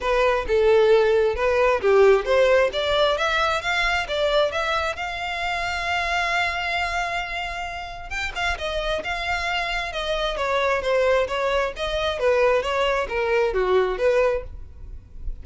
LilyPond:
\new Staff \with { instrumentName = "violin" } { \time 4/4 \tempo 4 = 133 b'4 a'2 b'4 | g'4 c''4 d''4 e''4 | f''4 d''4 e''4 f''4~ | f''1~ |
f''2 g''8 f''8 dis''4 | f''2 dis''4 cis''4 | c''4 cis''4 dis''4 b'4 | cis''4 ais'4 fis'4 b'4 | }